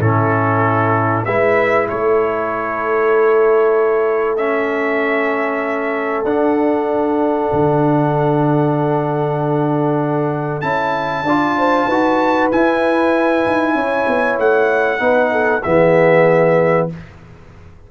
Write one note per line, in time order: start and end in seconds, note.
0.00 1.25 A2
0.00 1.27 C#4
0.00 1.26 E4
0.00 1.26 A4
1.26 1.90 G#3
1.26 4.38 E4
1.26 1.89 B4
1.26 1.88 E5
1.89 6.25 A3
1.89 11.26 A4
1.89 4.38 C#5
4.38 6.26 C#4
4.38 6.25 E5
6.25 7.50 D4
6.25 10.63 D4
6.25 10.61 F#5
7.53 10.63 D3
10.61 11.24 C#4
10.61 11.25 E4
10.61 12.49 A5
11.24 11.87 D4
11.24 11.91 F4
11.24 11.57 D5
11.59 11.87 C5
11.87 12.51 D#4
11.87 12.52 F#4
11.87 13.74 B4
12.52 13.46 E4
12.52 14.99 E4
12.52 14.40 G#5
13.46 13.75 D#4
13.75 14.06 C#4
13.75 15.01 C#5
14.08 14.39 B3
14.39 15.00 A3
14.39 15.63 F#5
14.99 15.63 B3
14.99 15.62 D#4
14.99 15.33 B4
15.33 15.64 A4
15.63 16.91 E3
15.63 16.90 B3
15.63 16.90 G#4
15.63 16.88 E5